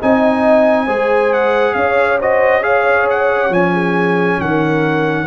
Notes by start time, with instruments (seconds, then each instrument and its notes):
0.00 tuba C4, trombone D#4, horn D#5, trumpet G#5
0.86 tuba G#3, trombone G#4, horn C5
1.34 trumpet F#5
1.74 tuba C#4, horn C#5, trumpet F5
2.19 trombone F#4, horn C5, trumpet D#5
2.61 trombone G#4, horn C#5, trumpet F5
3.10 trumpet F#5
3.50 tuba F3, trombone C#4, trumpet G#5
3.74 horn G#4
4.40 tuba D#3, horn A#4, trumpet F#5